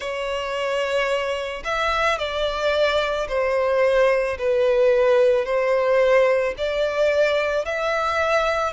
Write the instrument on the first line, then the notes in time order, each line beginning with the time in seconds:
violin
0.00 C#5
1.64 E5
2.18 D5
3.28 C5
4.38 B4
5.45 C5
6.57 D5
7.65 E5